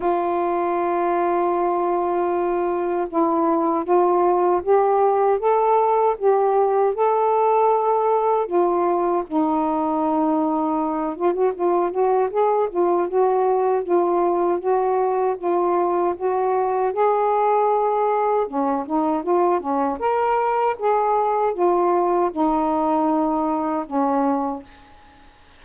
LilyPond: \new Staff \with { instrumentName = "saxophone" } { \time 4/4 \tempo 4 = 78 f'1 | e'4 f'4 g'4 a'4 | g'4 a'2 f'4 | dis'2~ dis'8 f'16 fis'16 f'8 fis'8 |
gis'8 f'8 fis'4 f'4 fis'4 | f'4 fis'4 gis'2 | cis'8 dis'8 f'8 cis'8 ais'4 gis'4 | f'4 dis'2 cis'4 | }